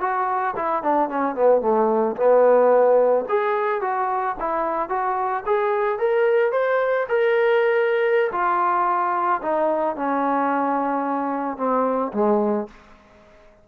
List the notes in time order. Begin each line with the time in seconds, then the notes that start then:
0.00 F#4
0.55 E4
0.82 D4
1.09 C#4
1.35 B3
1.61 A3
2.16 B3
3.29 G#4
3.81 F#4
4.39 E4
4.89 F#4
5.46 G#4
5.99 A#4
6.52 C5
7.08 A#4
8.32 F4
9.42 D#4
9.95 C#4
11.57 C4
12.13 G#3